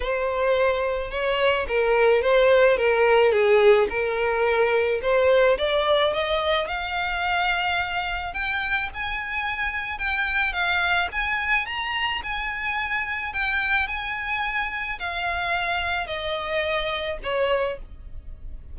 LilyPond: \new Staff \with { instrumentName = "violin" } { \time 4/4 \tempo 4 = 108 c''2 cis''4 ais'4 | c''4 ais'4 gis'4 ais'4~ | ais'4 c''4 d''4 dis''4 | f''2. g''4 |
gis''2 g''4 f''4 | gis''4 ais''4 gis''2 | g''4 gis''2 f''4~ | f''4 dis''2 cis''4 | }